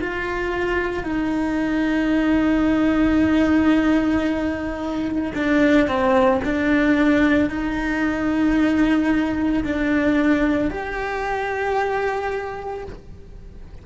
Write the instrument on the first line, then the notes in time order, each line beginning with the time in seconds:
cello
0.00 F4
1.04 D#4
5.35 D4
5.87 C4
6.44 D4
7.49 D#4
9.64 D4
10.70 G4